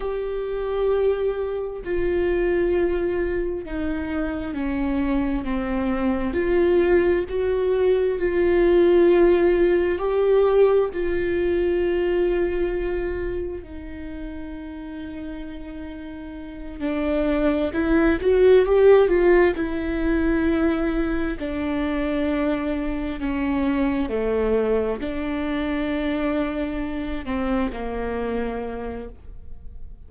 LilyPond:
\new Staff \with { instrumentName = "viola" } { \time 4/4 \tempo 4 = 66 g'2 f'2 | dis'4 cis'4 c'4 f'4 | fis'4 f'2 g'4 | f'2. dis'4~ |
dis'2~ dis'8 d'4 e'8 | fis'8 g'8 f'8 e'2 d'8~ | d'4. cis'4 a4 d'8~ | d'2 c'8 ais4. | }